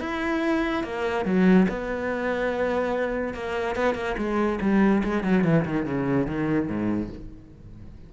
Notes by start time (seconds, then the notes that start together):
0.00 E4
0.83 A#3
1.25 F#3
1.69 B3
3.34 A#3
3.76 B3
3.94 A#3
4.17 G#3
4.61 G3
5.03 G#3
5.23 F#3
5.44 E3
5.65 D#3
5.85 C#3
6.27 D#3
6.68 G#2